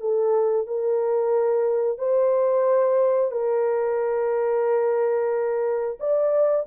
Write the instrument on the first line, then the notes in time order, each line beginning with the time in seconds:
horn
0.00 A4
0.67 A#4
1.98 C5
3.31 A#4
5.99 D5